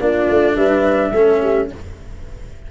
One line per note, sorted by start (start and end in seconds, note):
0.00 0.28 A#3
0.00 1.12 D4
0.00 0.55 F4
0.00 0.55 D5
0.29 0.55 A3
0.55 1.12 G3
0.55 1.11 B4
0.55 1.68 E5
1.11 1.68 A3
1.11 1.71 C#4
1.11 1.39 A4
1.41 1.69 G4